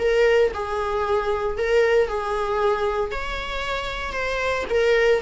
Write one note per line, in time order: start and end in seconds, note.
0.00 0.52 A#4
0.55 1.58 G#4
1.58 2.08 A#4
2.08 3.12 G#4
3.12 4.13 C#5
4.13 4.65 C5
4.70 5.22 A#4